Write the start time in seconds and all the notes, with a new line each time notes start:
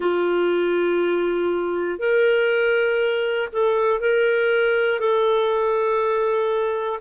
0.00 F4
1.98 A#4
3.52 A4
4.00 A#4
5.00 A4